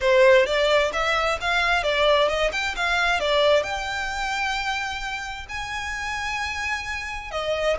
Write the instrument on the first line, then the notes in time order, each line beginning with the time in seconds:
violin
0.00 C5
0.46 D5
0.92 E5
1.41 F5
1.83 D5
2.28 D#5
2.52 G5
2.76 F5
3.20 D5
3.63 G5
5.48 G#5
7.31 D#5